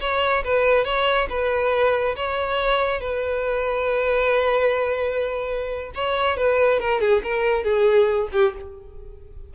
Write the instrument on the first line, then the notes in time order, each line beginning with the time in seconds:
violin
0.00 C#5
0.44 B4
0.85 C#5
1.29 B4
2.16 C#5
3.00 B4
5.95 C#5
6.37 B4
6.79 A#4
7.00 G#4
7.23 A#4
7.64 G#4
8.32 G4